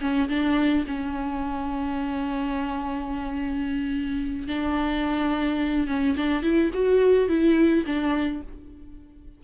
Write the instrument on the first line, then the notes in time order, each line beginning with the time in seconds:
viola
0.00 C#4
0.29 D4
0.87 C#4
4.47 D4
5.87 C#4
6.17 D4
6.43 E4
6.73 F#4
7.28 E4
7.86 D4